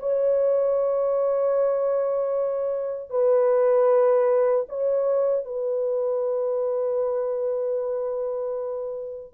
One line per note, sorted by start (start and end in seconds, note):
0.00 3.10 C#5
3.10 4.66 B4
4.69 5.45 C#5
5.45 9.34 B4